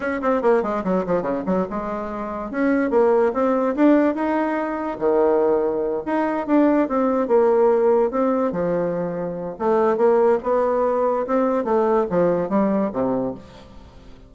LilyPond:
\new Staff \with { instrumentName = "bassoon" } { \time 4/4 \tempo 4 = 144 cis'8 c'8 ais8 gis8 fis8 f8 cis8 fis8 | gis2 cis'4 ais4 | c'4 d'4 dis'2 | dis2~ dis8 dis'4 d'8~ |
d'8 c'4 ais2 c'8~ | c'8 f2~ f8 a4 | ais4 b2 c'4 | a4 f4 g4 c4 | }